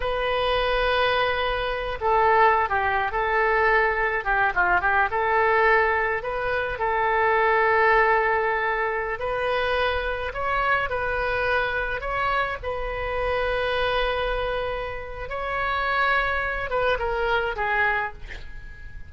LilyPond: \new Staff \with { instrumentName = "oboe" } { \time 4/4 \tempo 4 = 106 b'2.~ b'8 a'8~ | a'8. g'8. a'2 g'8 | f'8 g'8 a'2 b'4 | a'1~ |
a'16 b'2 cis''4 b'8.~ | b'4~ b'16 cis''4 b'4.~ b'16~ | b'2. cis''4~ | cis''4. b'8 ais'4 gis'4 | }